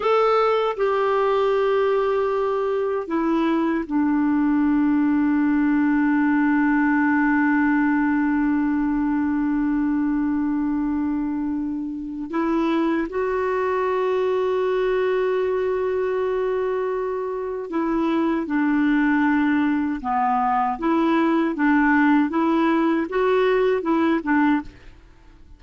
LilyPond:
\new Staff \with { instrumentName = "clarinet" } { \time 4/4 \tempo 4 = 78 a'4 g'2. | e'4 d'2.~ | d'1~ | d'1 |
e'4 fis'2.~ | fis'2. e'4 | d'2 b4 e'4 | d'4 e'4 fis'4 e'8 d'8 | }